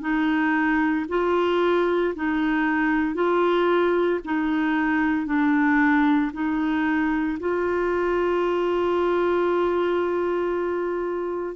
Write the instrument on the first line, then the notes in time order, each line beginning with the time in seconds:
clarinet
0.00 D#4
1.09 F4
2.15 D#4
3.14 F4
4.24 D#4
5.26 D4
6.33 D#4
7.39 F4